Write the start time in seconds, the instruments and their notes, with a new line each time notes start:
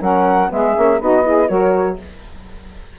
0.00 bassoon F#3, saxophone C#4 A#4, flute F#5
0.49 bassoon G#3, saxophone B3 G#4, flute E5
0.74 bassoon A#3, saxophone C#4
1.00 bassoon B3, saxophone D#4 F#4, flute D#5
1.23 saxophone E4 G#4
1.47 bassoon F#3, saxophone F#4 A#4, flute C#5